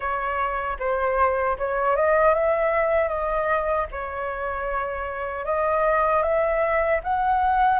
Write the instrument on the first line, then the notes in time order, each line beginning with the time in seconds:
flute
0.00 C#5
0.79 C5
1.58 C#5
1.96 D#5
2.34 E5
3.08 D#5
3.91 C#5
5.45 D#5
6.22 E5
7.03 F#5